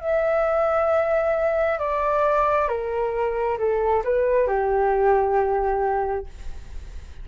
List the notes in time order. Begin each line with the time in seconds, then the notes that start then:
0.00 E5
1.79 D5
2.68 A#4
3.58 A4
4.04 B4
4.47 G4